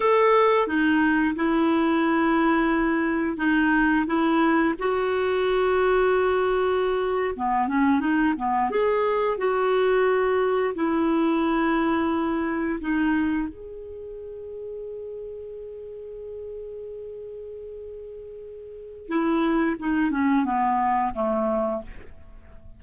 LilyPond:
\new Staff \with { instrumentName = "clarinet" } { \time 4/4 \tempo 4 = 88 a'4 dis'4 e'2~ | e'4 dis'4 e'4 fis'4~ | fis'2~ fis'8. b8 cis'8 dis'16~ | dis'16 b8 gis'4 fis'2 e'16~ |
e'2~ e'8. dis'4 gis'16~ | gis'1~ | gis'1 | e'4 dis'8 cis'8 b4 a4 | }